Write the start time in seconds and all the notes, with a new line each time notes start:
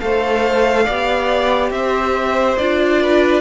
0.00 A3 A4 C5 F5
0.85 B3 G4 D5
1.71 C4 C5 E5
2.57 D4 F4 D5
3.02 B4